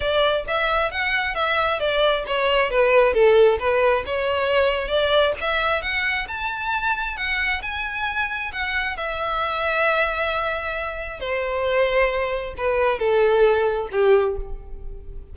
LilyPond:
\new Staff \with { instrumentName = "violin" } { \time 4/4 \tempo 4 = 134 d''4 e''4 fis''4 e''4 | d''4 cis''4 b'4 a'4 | b'4 cis''2 d''4 | e''4 fis''4 a''2 |
fis''4 gis''2 fis''4 | e''1~ | e''4 c''2. | b'4 a'2 g'4 | }